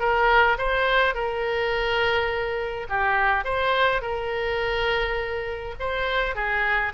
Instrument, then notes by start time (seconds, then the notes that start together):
oboe
0.00 A#4
0.58 C5
1.15 A#4
2.89 G4
3.45 C5
4.02 A#4
5.80 C5
6.36 G#4